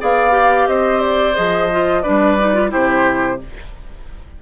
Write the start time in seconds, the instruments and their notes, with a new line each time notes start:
0.00 bassoon B3, clarinet G#4, oboe D5, flute F5
0.32 clarinet G4
0.68 bassoon C4, oboe C5, flute D#5
1.01 flute D5
1.35 bassoon F3, clarinet G#4, flute D#5
1.72 clarinet F4
2.03 bassoon G3, clarinet D4, oboe B4, flute D5
2.40 clarinet D#4
2.55 clarinet F4
2.70 bassoon C3, clarinet E4, oboe G4, flute C5